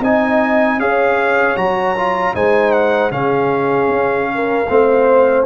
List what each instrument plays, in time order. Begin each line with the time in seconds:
0.00 tuba C4, trombone D#4, horn D#5, trumpet G#5
0.78 tuba C#4, trombone G#4, horn C#5, trumpet F5
1.57 tuba F#3, trombone F#4, trumpet A#5
1.97 trombone F4
2.34 tuba G#3, trombone D#4, horn C5, trumpet G#5
2.72 trumpet F#5
3.11 tuba C#3, trombone C#4, horn G#4, trumpet F5
3.89 tuba C#4
4.35 horn A#4
4.69 tuba A3, trombone C4, horn C5